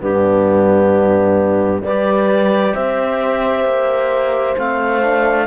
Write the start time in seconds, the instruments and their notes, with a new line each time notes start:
0.00 cello G2, trombone B3, horn D4, clarinet G4
1.82 cello G3, trombone G4, horn B4, clarinet D5
2.74 cello C4, horn C5, clarinet E5
3.64 cello A#3
4.58 cello A3, trombone C4, clarinet F5
5.02 trombone D4